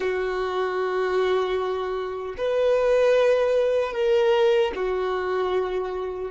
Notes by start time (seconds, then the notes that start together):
0.00 F#4
2.37 B4
3.93 A#4
4.75 F#4